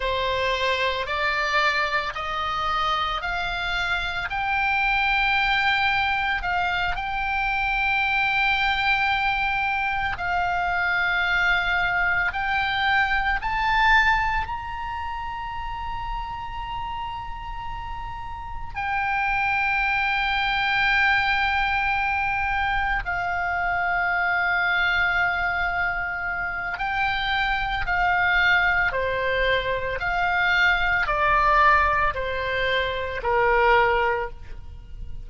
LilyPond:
\new Staff \with { instrumentName = "oboe" } { \time 4/4 \tempo 4 = 56 c''4 d''4 dis''4 f''4 | g''2 f''8 g''4.~ | g''4. f''2 g''8~ | g''8 a''4 ais''2~ ais''8~ |
ais''4. g''2~ g''8~ | g''4. f''2~ f''8~ | f''4 g''4 f''4 c''4 | f''4 d''4 c''4 ais'4 | }